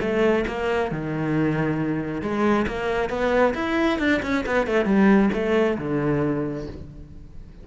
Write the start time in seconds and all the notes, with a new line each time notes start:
0.00 A3
0.47 A#3
0.91 D#3
2.21 G#3
2.67 A#3
3.09 B3
3.54 E4
3.98 D4
4.22 C#4
4.46 B3
4.66 A3
4.85 G3
5.33 A3
5.78 D3